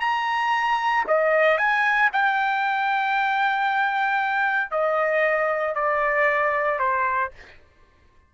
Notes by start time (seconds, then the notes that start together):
0.00 A#5
1.07 D#5
1.58 G#5
2.13 G5
4.71 D#5
5.75 D5
6.79 C5